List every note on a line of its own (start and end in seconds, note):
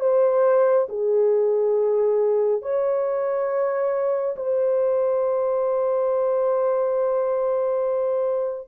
0.00 0.87 C5
0.89 2.62 G#4
2.62 4.36 C#5
4.37 8.68 C5